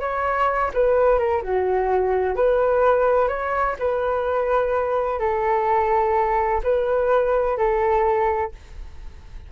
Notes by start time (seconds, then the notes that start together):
0.00 C#5
0.74 B4
1.19 A#4
1.43 F#4
2.36 B4
3.28 C#5
3.79 B4
5.19 A4
6.64 B4
7.57 A4